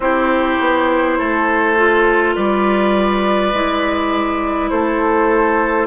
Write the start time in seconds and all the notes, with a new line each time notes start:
0.00 C4 E4 G4 C5
0.60 B3
1.18 A3 A4
1.76 F4
2.35 G3 B4 D5
3.53 G#3 E4
4.69 A3 A4 C5